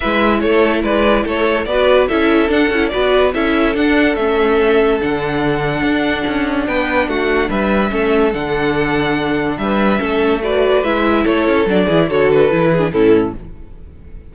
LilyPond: <<
  \new Staff \with { instrumentName = "violin" } { \time 4/4 \tempo 4 = 144 e''4 cis''4 d''4 cis''4 | d''4 e''4 fis''4 d''4 | e''4 fis''4 e''2 | fis''1 |
g''4 fis''4 e''2 | fis''2. e''4~ | e''4 d''4 e''4 cis''4 | d''4 cis''8 b'4. a'4 | }
  \new Staff \with { instrumentName = "violin" } { \time 4/4 b'4 a'4 b'4 a'4 | b'4 a'2 b'4 | a'1~ | a'1 |
b'4 fis'4 b'4 a'4~ | a'2. b'4 | a'4 b'2 a'4~ | a'8 gis'8 a'4. gis'8 e'4 | }
  \new Staff \with { instrumentName = "viola" } { \time 4/4 e'1 | fis'4 e'4 d'8 e'8 fis'4 | e'4 d'4 cis'2 | d'1~ |
d'2. cis'4 | d'1 | cis'4 fis'4 e'2 | d'8 e'8 fis'4 e'8. d'16 cis'4 | }
  \new Staff \with { instrumentName = "cello" } { \time 4/4 gis4 a4 gis4 a4 | b4 cis'4 d'8 cis'8 b4 | cis'4 d'4 a2 | d2 d'4 cis'4 |
b4 a4 g4 a4 | d2. g4 | a2 gis4 a8 cis'8 | fis8 e8 d4 e4 a,4 | }
>>